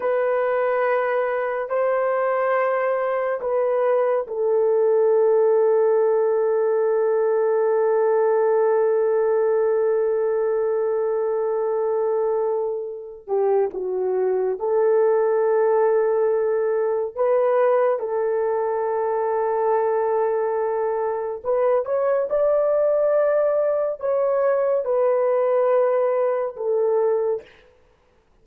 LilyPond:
\new Staff \with { instrumentName = "horn" } { \time 4/4 \tempo 4 = 70 b'2 c''2 | b'4 a'2.~ | a'1~ | a'2.~ a'8 g'8 |
fis'4 a'2. | b'4 a'2.~ | a'4 b'8 cis''8 d''2 | cis''4 b'2 a'4 | }